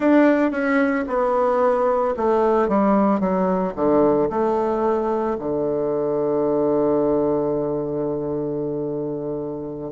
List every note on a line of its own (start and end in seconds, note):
0.00 0.51 D4
0.51 1.04 C#4
1.07 2.14 B3
2.17 2.68 A3
2.68 3.19 G3
3.19 3.73 F#3
3.75 4.29 D3
4.29 5.36 A3
5.39 9.91 D3